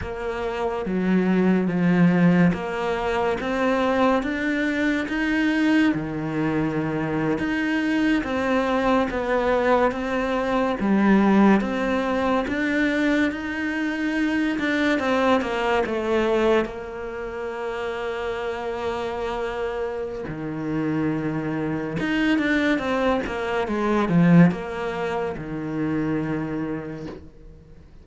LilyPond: \new Staff \with { instrumentName = "cello" } { \time 4/4 \tempo 4 = 71 ais4 fis4 f4 ais4 | c'4 d'4 dis'4 dis4~ | dis8. dis'4 c'4 b4 c'16~ | c'8. g4 c'4 d'4 dis'16~ |
dis'4~ dis'16 d'8 c'8 ais8 a4 ais16~ | ais1 | dis2 dis'8 d'8 c'8 ais8 | gis8 f8 ais4 dis2 | }